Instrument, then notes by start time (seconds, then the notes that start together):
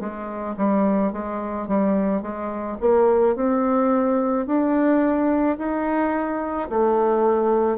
bassoon
0.00 G#3
0.57 G3
1.12 G#3
1.67 G3
2.22 G#3
2.80 A#3
3.35 C4
4.46 D4
5.58 D#4
6.69 A3